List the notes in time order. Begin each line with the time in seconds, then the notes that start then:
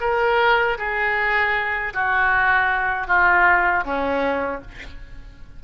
0.00 A#4
0.78 G#4
1.93 F#4
3.07 F4
3.84 C#4